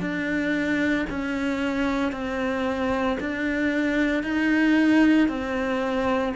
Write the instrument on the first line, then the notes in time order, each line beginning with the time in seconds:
cello
0.00 D4
1.09 C#4
2.12 C4
3.20 D4
4.23 D#4
5.28 C4